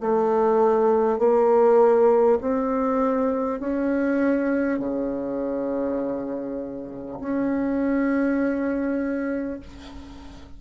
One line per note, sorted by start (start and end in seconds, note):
0.00 1.18 A3
1.18 2.38 A#3
2.41 3.59 C4
3.59 4.79 C#4
4.79 7.19 C#3
7.20 9.60 C#4